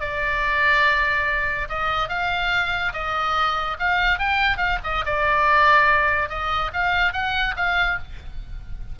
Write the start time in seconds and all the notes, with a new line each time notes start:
0.00 D5
1.68 D#5
2.08 F5
2.93 D#5
3.79 F5
4.19 G5
4.57 F5
4.83 D#5
5.05 D5
6.29 D#5
6.73 F5
7.12 F#5
7.56 F5